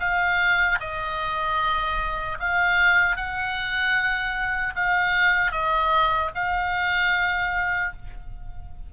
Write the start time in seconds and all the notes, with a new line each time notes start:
0.00 F5
0.80 D#5
2.40 F5
3.17 F#5
4.76 F5
5.52 D#5
6.35 F5